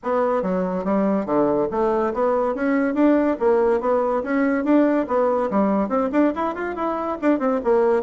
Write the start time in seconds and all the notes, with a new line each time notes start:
0.03 B3
0.42 F#3
0.84 G3
1.25 D3
1.71 A3
2.13 B3
2.55 C#4
2.94 D4
3.39 A#3
3.80 B3
4.23 C#4
4.64 D4
5.07 B3
5.50 G3
5.88 C4
6.12 D4
6.35 E4
6.55 F4
6.75 E4
7.21 D4
7.39 C4
7.64 A#3